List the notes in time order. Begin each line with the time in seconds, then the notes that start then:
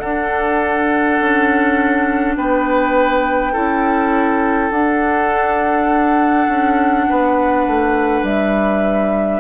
0.00 D4 A4 F#5
1.20 C#4
2.36 B3 B4 G5
3.53 C#4 E4 A4
4.71 D4 F#5
6.48 C#4
7.09 B3 B4
7.67 A3
8.23 G3 E5